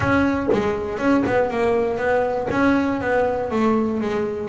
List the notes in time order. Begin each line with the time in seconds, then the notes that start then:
0.00 C#4
0.52 G#3
0.98 C#4
1.26 B3
1.50 A#3
1.97 B3
2.50 C#4
3.00 B3
3.50 A3
4.00 G#3